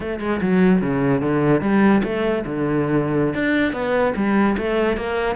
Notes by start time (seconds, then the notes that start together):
0.00 A3
0.20 G#3
0.41 F#3
0.81 C#3
1.21 D3
1.61 G3
2.03 A3
2.45 D3
3.34 D4
3.72 B3
4.16 G3
4.57 A3
4.96 A#3